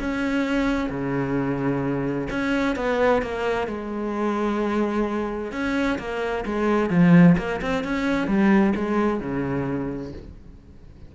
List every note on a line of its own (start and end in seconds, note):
0.00 0.90 C#4
0.90 2.29 C#3
2.30 2.76 C#4
2.76 3.22 B3
3.22 3.68 A#3
3.68 5.52 G#3
5.52 5.99 C#4
5.99 6.45 A#3
6.46 6.90 G#3
6.90 7.37 F3
7.38 7.61 A#3
7.62 7.84 C4
7.84 8.28 C#4
8.28 8.74 G3
8.76 9.21 G#3
9.21 10.13 C#3